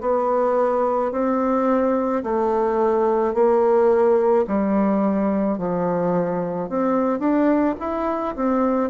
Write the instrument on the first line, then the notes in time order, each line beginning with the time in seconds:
bassoon
0.00 B3
1.12 C4
2.23 A3
3.34 A#3
4.47 G3
5.58 F3
6.69 C4
7.19 D4
7.79 E4
8.35 C4